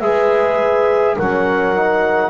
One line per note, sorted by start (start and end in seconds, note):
0.00 1.17 G#3
0.00 1.18 G#4
0.00 1.17 B4
0.00 1.15 E5
1.17 2.31 F#3
1.17 1.76 C#4
1.17 2.31 A#4
1.17 2.31 F#5
1.76 2.31 D#4